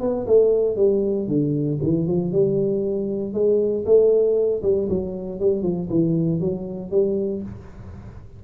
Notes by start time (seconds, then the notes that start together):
0.00 B3
0.26 A3
0.76 G3
1.28 D3
1.83 E3
2.07 F3
2.32 G3
3.33 G#3
3.85 A3
4.62 G3
4.89 F#3
5.39 G3
5.62 F3
5.89 E3
6.40 F#3
6.90 G3